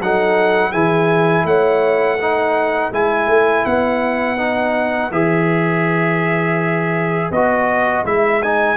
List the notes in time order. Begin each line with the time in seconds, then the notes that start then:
0.00 F#3 D#4 A4 F#5
0.70 E3 E4 G#4 G#5
1.44 A3 C#5 F#5
2.20 D#4 B4
2.91 G#3 E4 G#5
3.27 A3
3.65 B3 F#5
4.37 D#4
5.10 E3 G#4 E5
7.30 B3 F#4 D#5
8.04 G#3 E4 E5
8.42 D#4 G#5